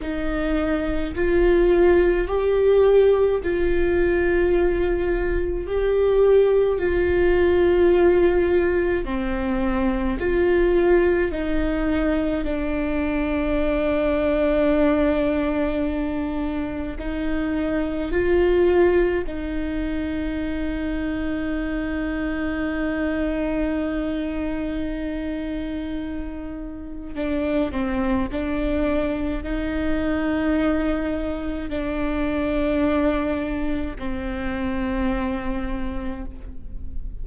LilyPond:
\new Staff \with { instrumentName = "viola" } { \time 4/4 \tempo 4 = 53 dis'4 f'4 g'4 f'4~ | f'4 g'4 f'2 | c'4 f'4 dis'4 d'4~ | d'2. dis'4 |
f'4 dis'2.~ | dis'1 | d'8 c'8 d'4 dis'2 | d'2 c'2 | }